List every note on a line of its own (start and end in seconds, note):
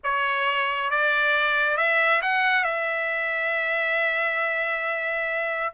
0.03 0.90 C#5
0.90 1.77 D5
1.77 2.21 E5
2.22 2.64 F#5
2.64 5.73 E5